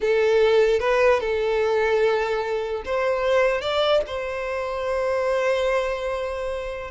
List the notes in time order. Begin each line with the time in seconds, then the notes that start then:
0.00 A4
0.79 B4
1.20 A4
2.85 C5
3.61 D5
4.07 C5